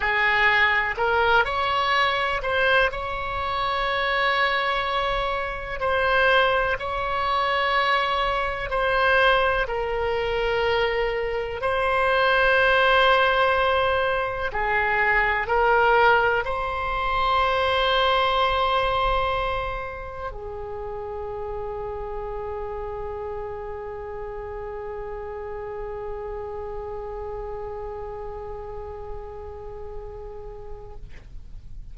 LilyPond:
\new Staff \with { instrumentName = "oboe" } { \time 4/4 \tempo 4 = 62 gis'4 ais'8 cis''4 c''8 cis''4~ | cis''2 c''4 cis''4~ | cis''4 c''4 ais'2 | c''2. gis'4 |
ais'4 c''2.~ | c''4 gis'2.~ | gis'1~ | gis'1 | }